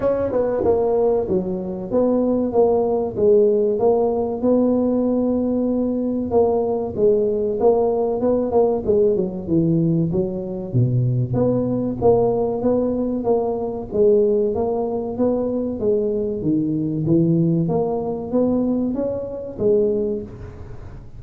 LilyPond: \new Staff \with { instrumentName = "tuba" } { \time 4/4 \tempo 4 = 95 cis'8 b8 ais4 fis4 b4 | ais4 gis4 ais4 b4~ | b2 ais4 gis4 | ais4 b8 ais8 gis8 fis8 e4 |
fis4 b,4 b4 ais4 | b4 ais4 gis4 ais4 | b4 gis4 dis4 e4 | ais4 b4 cis'4 gis4 | }